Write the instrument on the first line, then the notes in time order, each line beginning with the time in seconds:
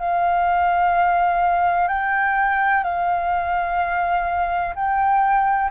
flute
0.00 F5
1.89 G5
2.84 F5
4.75 G5